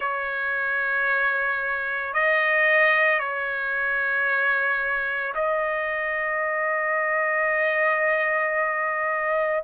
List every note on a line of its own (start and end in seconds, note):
0.00 2.13 C#5
2.13 3.19 D#5
3.19 5.33 C#5
5.34 9.63 D#5